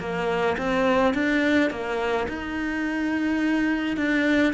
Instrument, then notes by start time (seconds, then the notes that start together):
cello
0.00 A#3
0.58 C4
1.14 D4
1.71 A#3
2.28 D#4
3.97 D4